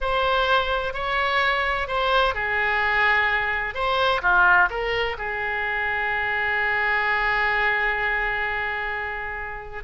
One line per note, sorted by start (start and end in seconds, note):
0.01 0.93 C5
0.93 1.87 C#5
1.87 2.34 C5
2.34 3.74 G#4
3.74 4.21 C5
4.22 4.69 F4
4.69 5.16 A#4
5.18 9.83 G#4